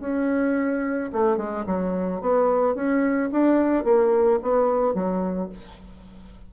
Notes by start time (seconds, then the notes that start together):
0.00 C#4
1.13 A3
1.37 G#3
1.66 F#3
2.21 B3
2.75 C#4
3.32 D4
3.84 A#3
4.42 B3
4.94 F#3